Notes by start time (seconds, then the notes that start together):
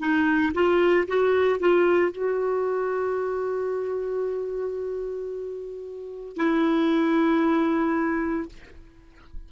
0.00 D#4
0.55 F4
1.08 F#4
1.60 F4
2.13 F#4
6.37 E4